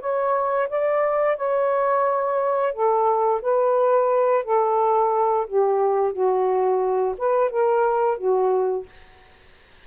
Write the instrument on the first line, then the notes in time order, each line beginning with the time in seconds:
saxophone
0.00 C#5
0.69 D5
1.37 C#5
2.73 A4
3.42 B4
4.44 A4
5.47 G4
6.13 F#4
7.18 B4
7.50 A#4
8.18 F#4